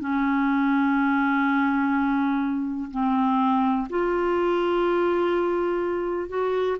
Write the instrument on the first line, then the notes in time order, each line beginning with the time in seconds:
clarinet
0.00 C#4
2.91 C4
3.90 F4
6.29 F#4